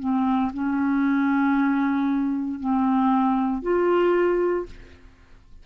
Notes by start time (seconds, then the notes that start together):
0.00 C4
0.54 C#4
2.60 C4
3.63 F4